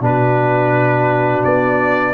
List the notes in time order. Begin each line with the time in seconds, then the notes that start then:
0.00 B2 D4 F#4 B4
1.44 B3 D5